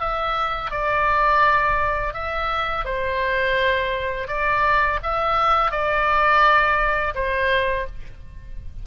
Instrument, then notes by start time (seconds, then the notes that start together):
oboe
0.00 E5
0.71 D5
2.14 E5
2.85 C5
4.28 D5
5.03 E5
5.71 D5
7.15 C5